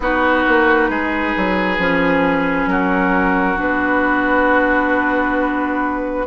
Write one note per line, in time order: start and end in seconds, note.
0.00 0.45 B3
0.00 1.79 D#4
0.00 0.90 F#4
0.00 2.68 B4
0.47 0.89 A#3
0.89 1.33 G#3
0.89 2.69 G#4
1.36 1.77 F#3
1.77 2.65 F3
1.77 3.56 C#4
2.65 3.55 F#3
2.65 6.26 F#4
2.65 3.58 A#4
3.56 6.26 B3
3.56 6.25 D4
3.56 6.26 B4